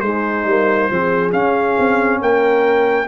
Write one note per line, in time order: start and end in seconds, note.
0.00 0.45 G#3
0.00 0.47 G#3
0.00 0.91 D#4
0.00 1.30 C5
0.45 0.89 G3
0.45 0.90 A#3
0.90 1.33 F3
0.90 1.33 C4
0.90 2.20 G#4
1.33 1.76 C#4
1.33 3.07 C#4
1.33 2.20 F5
1.79 2.21 C4
2.20 3.08 A#3
2.20 3.07 A#4
2.20 3.08 G5